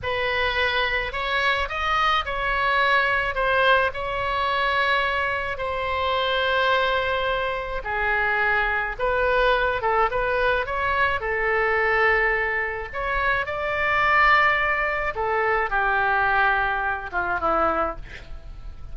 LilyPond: \new Staff \with { instrumentName = "oboe" } { \time 4/4 \tempo 4 = 107 b'2 cis''4 dis''4 | cis''2 c''4 cis''4~ | cis''2 c''2~ | c''2 gis'2 |
b'4. a'8 b'4 cis''4 | a'2. cis''4 | d''2. a'4 | g'2~ g'8 f'8 e'4 | }